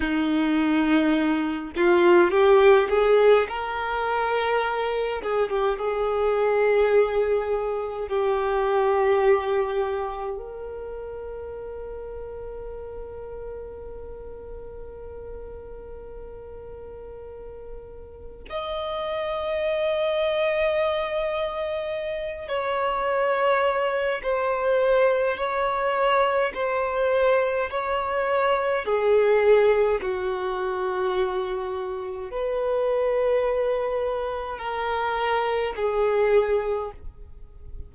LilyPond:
\new Staff \with { instrumentName = "violin" } { \time 4/4 \tempo 4 = 52 dis'4. f'8 g'8 gis'8 ais'4~ | ais'8 gis'16 g'16 gis'2 g'4~ | g'4 ais'2.~ | ais'1 |
dis''2.~ dis''8 cis''8~ | cis''4 c''4 cis''4 c''4 | cis''4 gis'4 fis'2 | b'2 ais'4 gis'4 | }